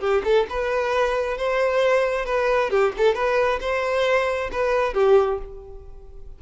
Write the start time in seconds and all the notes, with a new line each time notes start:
0.00 G4
0.24 A4
0.50 B4
1.38 C5
2.26 B4
2.70 G4
2.98 A4
3.15 B4
3.61 C5
4.52 B4
4.94 G4